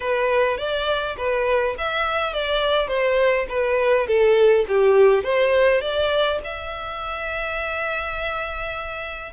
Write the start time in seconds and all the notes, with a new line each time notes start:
0.00 B4
0.57 D5
1.17 B4
1.77 E5
2.33 D5
2.87 C5
3.48 B4
4.07 A4
4.68 G4
5.23 C5
5.81 D5
6.44 E5